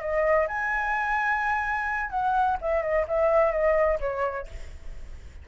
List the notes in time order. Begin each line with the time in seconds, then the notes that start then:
0.00 D#5
0.47 G#5
2.10 F#5
2.61 E5
2.82 D#5
3.07 E5
3.51 D#5
4.00 C#5